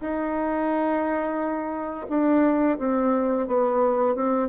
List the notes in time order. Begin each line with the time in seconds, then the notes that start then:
0.00 D#4
2.09 D4
2.79 C4
3.47 B3
4.15 C4